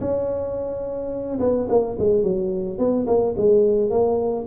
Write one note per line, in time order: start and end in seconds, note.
0.00 1.39 C#4
1.39 1.67 B3
1.69 1.97 A#3
1.98 2.23 G#3
2.23 2.78 F#3
2.78 3.06 B3
3.07 3.34 A#3
3.37 3.90 G#3
3.90 4.45 A#3